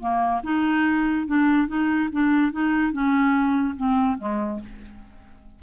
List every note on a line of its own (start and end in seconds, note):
0.00 0.42 A#3
0.43 1.27 D#4
1.27 1.67 D4
1.67 2.09 D#4
2.12 2.52 D4
2.52 2.92 D#4
2.92 3.76 C#4
3.76 4.18 C4
4.18 4.60 G#3